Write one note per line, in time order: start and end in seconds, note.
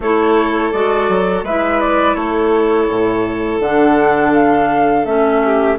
0.00 0.71 A3
0.00 0.73 E4
0.00 1.44 A4
0.00 0.71 C#5
0.71 1.08 G#3
0.71 1.45 F#4
0.71 1.43 D5
1.08 1.42 F#3
1.42 2.15 G#3
1.42 3.64 E4
1.42 2.17 B4
1.42 1.80 E5
1.80 2.14 D5
2.14 2.87 A3
2.14 5.43 A4
2.14 3.59 C#5
2.89 3.60 A2
3.60 5.04 D3
3.60 5.06 D4
3.60 4.33 F#5
4.33 5.05 F5
5.05 5.77 A3
5.05 5.78 C#4
5.05 5.77 E5
5.44 5.78 G4